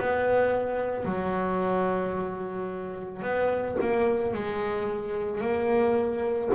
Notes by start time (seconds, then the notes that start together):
0.00 B3
1.05 F#3
3.22 B3
3.81 A#3
4.34 G#3
5.41 A#3